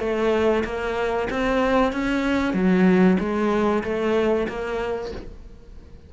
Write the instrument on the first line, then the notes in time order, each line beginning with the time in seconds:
cello
0.00 A3
0.65 A#3
1.30 C4
1.93 C#4
2.54 F#3
3.20 G#3
3.84 A3
4.49 A#3